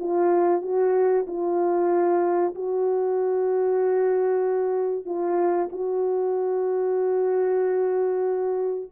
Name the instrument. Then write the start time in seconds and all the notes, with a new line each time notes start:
horn
0.00 F4
0.62 F#4
1.28 F4
2.55 F#4
5.06 F4
5.72 F#4